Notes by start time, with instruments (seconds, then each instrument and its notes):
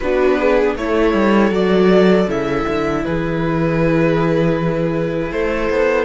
0.00 cello B3, viola D4 F#4, violin B4
0.38 viola G#4
0.76 cello A3, viola E4 A4, violin C#5
1.14 cello G3
1.50 cello F#3, viola F#4, violin D5
2.26 cello C#3, viola E4, violin E5
2.68 cello D3
3.04 cello E3, viola G#4, violin B4
5.31 cello A3, viola A4, violin C5
5.69 cello B3